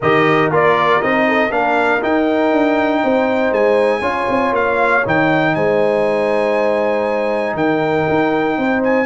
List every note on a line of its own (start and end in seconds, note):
0.00 0.49 D#3
0.00 0.51 G4
0.00 1.26 A#4
0.00 0.52 D#5
0.49 1.00 A#3
0.49 1.02 F4
0.49 1.02 D5
1.02 1.50 C4
1.02 1.50 D#4
1.02 1.51 D#5
1.27 1.49 A4
1.49 2.00 A#3
1.49 2.01 D4
1.49 3.01 A#4
1.49 2.02 F5
2.01 4.01 D#4
2.01 2.52 D#4
2.01 3.53 G5
2.52 3.02 D4
3.03 3.51 C4
3.03 4.01 C5
3.51 4.01 G#3
3.51 4.54 G#5
4.01 4.26 C#4
4.01 5.02 F4
4.01 5.52 C#5
4.28 4.52 C4
4.52 5.02 A#3
4.52 5.05 F5
5.05 5.55 D#3
5.05 9.06 D#4
5.05 5.54 G5
5.54 7.54 G#3
5.54 7.56 C5
5.54 7.56 G#5
7.54 8.04 D#3
7.54 8.57 A#4
7.54 8.82 G5
8.08 8.57 D#4
8.57 9.06 C4
8.57 9.06 C5
8.83 9.06 G#5